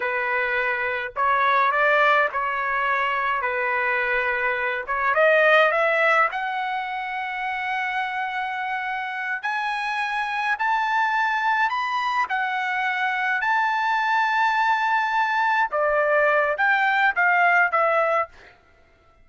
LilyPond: \new Staff \with { instrumentName = "trumpet" } { \time 4/4 \tempo 4 = 105 b'2 cis''4 d''4 | cis''2 b'2~ | b'8 cis''8 dis''4 e''4 fis''4~ | fis''1~ |
fis''8 gis''2 a''4.~ | a''8 b''4 fis''2 a''8~ | a''2.~ a''8 d''8~ | d''4 g''4 f''4 e''4 | }